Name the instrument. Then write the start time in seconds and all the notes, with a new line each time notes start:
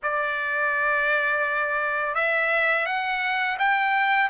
trumpet
0.02 D5
2.14 E5
2.85 F#5
3.58 G5